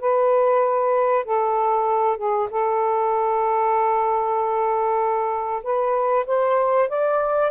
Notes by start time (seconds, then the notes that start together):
0.00 B4
1.25 A4
2.17 G#4
2.50 A4
5.63 B4
6.26 C5
6.89 D5